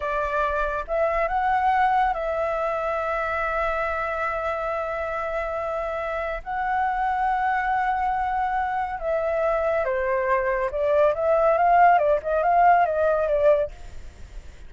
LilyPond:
\new Staff \with { instrumentName = "flute" } { \time 4/4 \tempo 4 = 140 d''2 e''4 fis''4~ | fis''4 e''2.~ | e''1~ | e''2. fis''4~ |
fis''1~ | fis''4 e''2 c''4~ | c''4 d''4 e''4 f''4 | d''8 dis''8 f''4 dis''4 d''4 | }